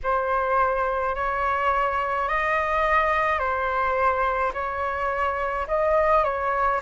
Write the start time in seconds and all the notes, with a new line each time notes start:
0.03 C5
1.15 C#5
2.28 D#5
3.39 C5
4.53 C#5
5.67 D#5
6.24 C#5